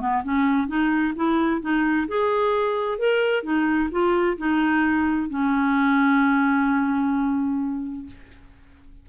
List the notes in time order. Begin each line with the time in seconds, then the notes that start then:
0.00 B3
0.23 C#4
0.67 D#4
1.15 E4
1.61 D#4
2.07 G#4
2.98 A#4
3.43 D#4
3.91 F4
4.37 D#4
5.29 C#4